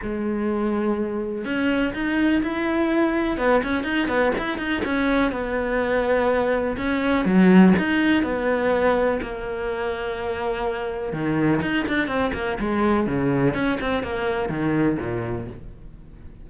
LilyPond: \new Staff \with { instrumentName = "cello" } { \time 4/4 \tempo 4 = 124 gis2. cis'4 | dis'4 e'2 b8 cis'8 | dis'8 b8 e'8 dis'8 cis'4 b4~ | b2 cis'4 fis4 |
dis'4 b2 ais4~ | ais2. dis4 | dis'8 d'8 c'8 ais8 gis4 cis4 | cis'8 c'8 ais4 dis4 ais,4 | }